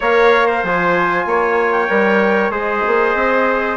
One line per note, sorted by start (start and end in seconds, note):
0.00 0.63 A#3
0.00 0.65 A#4
0.00 0.46 C#5
0.00 0.64 F5
0.46 1.25 C5
0.63 1.25 F3
0.63 1.88 F4
0.63 1.72 G#5
1.25 1.88 A#3
1.25 2.51 C#5
1.72 2.51 G5
1.88 2.50 G3
1.88 2.51 A#4
2.50 2.81 G#3
2.50 3.77 G#4
2.50 3.77 C5
2.50 3.77 D#5
2.86 3.14 A#3
3.14 3.77 C4